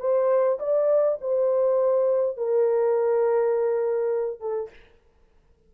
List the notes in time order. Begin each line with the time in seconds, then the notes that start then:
0.00 C5
0.60 D5
1.21 C5
2.37 A#4
4.40 A4